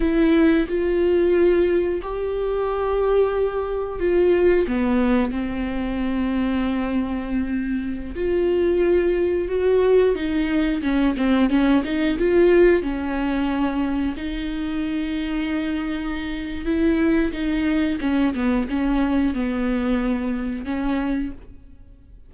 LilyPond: \new Staff \with { instrumentName = "viola" } { \time 4/4 \tempo 4 = 90 e'4 f'2 g'4~ | g'2 f'4 b4 | c'1~ | c'16 f'2 fis'4 dis'8.~ |
dis'16 cis'8 c'8 cis'8 dis'8 f'4 cis'8.~ | cis'4~ cis'16 dis'2~ dis'8.~ | dis'4 e'4 dis'4 cis'8 b8 | cis'4 b2 cis'4 | }